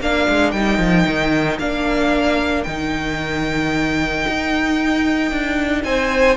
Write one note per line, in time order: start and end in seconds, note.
0.00 0.27 A#3
0.00 0.55 D4
0.00 5.84 A#4
0.00 0.51 F5
0.29 0.54 G#3
0.51 0.78 G3
0.51 1.60 D#4
0.51 1.58 G5
0.78 1.05 F3
1.07 1.59 D#3
1.59 2.65 A#3
1.59 2.67 D4
1.59 2.64 F5
2.64 4.26 D#3
2.64 6.37 D#4
2.64 5.82 G5
4.27 5.32 D#4
5.32 5.85 D4
5.84 6.37 C4
5.84 6.37 C5
5.84 6.37 G#5